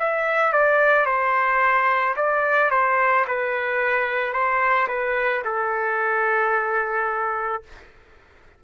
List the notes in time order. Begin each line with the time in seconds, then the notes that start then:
0.00 E5
0.53 D5
1.06 C5
2.17 D5
2.71 C5
3.28 B4
4.33 C5
4.88 B4
5.45 A4